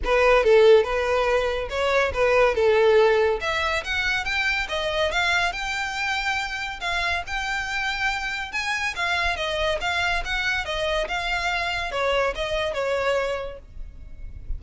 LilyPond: \new Staff \with { instrumentName = "violin" } { \time 4/4 \tempo 4 = 141 b'4 a'4 b'2 | cis''4 b'4 a'2 | e''4 fis''4 g''4 dis''4 | f''4 g''2. |
f''4 g''2. | gis''4 f''4 dis''4 f''4 | fis''4 dis''4 f''2 | cis''4 dis''4 cis''2 | }